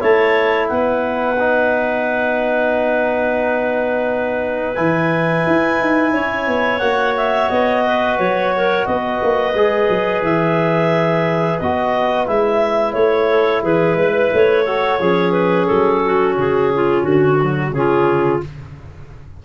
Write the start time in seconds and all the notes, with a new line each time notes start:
0.00 A3 E4 C#5 A5
0.68 B3 B4 F#5
1.39 D#4
4.75 E3 E4 G#5
5.47 E4
5.81 D#4
6.13 C#4 C#5
6.48 B3
6.79 A#3 F#4 F#5
7.17 E5
7.50 B3 D#5
7.87 B4
8.19 F#3 C#5
8.57 A#4
8.86 B3 B4 D#5
9.23 A#3
9.55 G#3 G#4
9.89 F#3
10.23 E3 E5
11.59 B3 F#4 D#5
12.27 G#3 E4 E5
12.94 A3 C#5
13.30 A4
13.63 E3 G#4 B4
13.96 G#3 B4
14.33 A3 C#5
14.65 F#4 A4
15.00 F3 C#4 G#4
15.32 B4
15.67 F#3 A4
16.06 F#4
16.37 C#3 G#4
16.75 F4
17.03 D3 F#4
17.43 F#3
17.72 C#3 C#4 F4 G#4